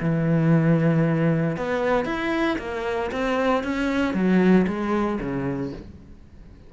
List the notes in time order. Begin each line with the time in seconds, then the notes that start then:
0.00 E3
1.56 B3
2.05 E4
2.58 A#3
3.11 C4
3.63 C#4
4.13 F#3
4.67 G#3
5.20 C#3